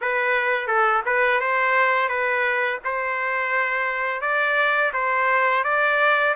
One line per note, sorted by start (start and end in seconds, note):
0.01 0.67 B4
0.67 1.02 A4
1.05 1.40 B4
1.40 2.08 C5
2.08 2.79 B4
2.84 4.21 C5
4.21 4.92 D5
4.93 5.63 C5
5.64 6.34 D5